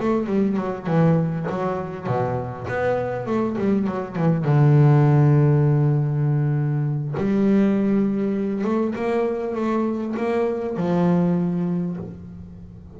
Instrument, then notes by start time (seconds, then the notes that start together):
double bass
0.00 A3
0.27 G3
0.57 F#3
0.87 E3
1.49 F#3
2.07 B2
2.68 B3
3.27 A3
3.58 G3
3.87 F#3
4.16 E3
4.45 D3
7.17 G3
8.64 A3
8.95 A#3
9.55 A3
10.17 A#3
10.77 F3